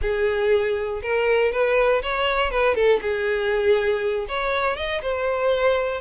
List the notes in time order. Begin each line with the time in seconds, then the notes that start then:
0.01 G#4
1.02 A#4
1.52 B4
2.02 C#5
2.51 B4
2.74 A4
3.01 G#4
4.28 C#5
4.76 D#5
5.02 C5